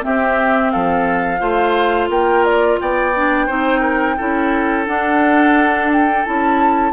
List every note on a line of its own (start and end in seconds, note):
0.00 1.38 C4
0.00 0.74 C4
0.00 0.72 G4
0.00 0.70 E5
0.70 1.41 F3
0.70 1.40 A4
0.70 2.08 F5
1.39 2.09 A3
1.39 3.12 F4
1.39 2.09 C5
2.09 2.78 A#3
2.09 2.79 A#4
2.09 2.44 G5
2.44 2.79 D5
2.80 3.49 B3
2.80 3.46 D5
2.80 4.86 G5
3.15 3.48 D4
3.46 4.18 C4
3.46 4.17 D#4
3.46 3.80 C5
3.80 4.15 A#4
4.17 4.87 C#4
4.17 4.85 E4
4.17 6.92 A4
4.85 6.23 D4
4.85 6.25 D4
4.85 5.90 F#5
5.92 6.24 G5
6.24 6.92 C#4
6.24 6.92 E4
6.24 6.92 A5